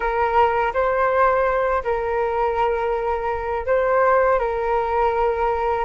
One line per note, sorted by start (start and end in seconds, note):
0.00 0.73 A#4
0.73 1.83 C5
1.83 3.66 A#4
3.66 4.39 C5
4.39 5.84 A#4